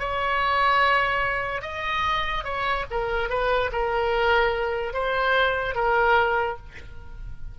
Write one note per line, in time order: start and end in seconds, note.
0.00 1.63 C#5
1.63 2.44 D#5
2.44 2.85 C#5
2.91 3.30 A#4
3.30 3.71 B4
3.72 4.94 A#4
4.94 5.75 C5
5.75 6.58 A#4